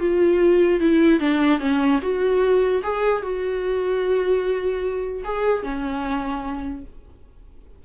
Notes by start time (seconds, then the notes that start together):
0.00 F4
0.80 E4
1.20 D4
1.60 C#4
2.02 F#4
2.83 G#4
3.22 F#4
5.24 G#4
5.63 C#4